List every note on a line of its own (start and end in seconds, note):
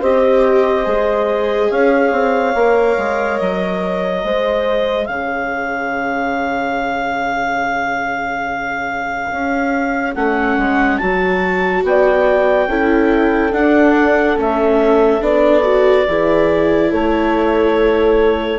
0.00 0.87 C4
0.00 0.85 G4
0.00 1.69 C5
0.00 1.72 D#5
0.85 1.71 G#3
0.85 2.54 G#4
1.71 2.12 C#4
1.71 4.24 C#5
1.71 3.39 F5
2.12 2.55 C4
2.55 2.98 A#3
2.55 4.26 A#4
2.98 3.40 G#3
3.39 4.25 F#3
3.39 5.06 D#5
4.25 5.09 G#3
4.25 10.16 G#4
4.25 5.09 C5
5.06 9.31 C#3
5.06 11.85 C#5
5.06 10.13 F5
9.32 10.16 C#4
10.15 10.58 A3
10.15 11.01 C#4
10.15 10.98 F#5
10.58 11.00 G#3
10.98 11.84 F#3
10.98 12.70 F#4
10.98 11.83 A5
11.84 12.68 B3
11.84 12.70 D5
11.84 13.53 G5
12.68 13.52 C#4
12.68 13.53 E4
12.68 16.08 A4
13.53 14.37 D4
13.53 14.38 D4
13.53 14.38 F#5
14.37 15.22 A3
14.37 15.21 C#4
14.37 15.24 E5
15.22 16.07 B3
15.22 15.64 D4
15.22 16.93 D5
15.64 16.06 F#4
16.08 16.93 E3
16.08 18.60 E4
16.08 16.91 G#4
16.91 18.60 A3
16.91 18.60 A4
16.91 18.60 C#5